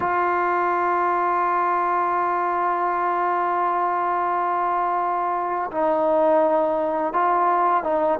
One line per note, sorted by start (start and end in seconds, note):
0.00 5.70 F4
5.71 7.13 D#4
7.13 7.83 F4
7.83 8.19 D#4